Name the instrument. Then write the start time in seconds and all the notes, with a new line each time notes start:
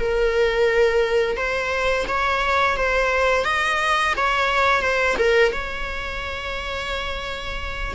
viola
0.00 A#4
1.37 C5
2.08 C#5
2.77 C5
3.45 D#5
4.17 C#5
4.82 C5
5.18 A#4
5.53 C#5